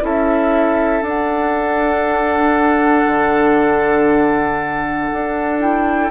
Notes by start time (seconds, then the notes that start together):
0.00 C#4 E4 A4 E5
1.02 D4 F#5
3.06 D3
5.12 D4
5.60 E4 G5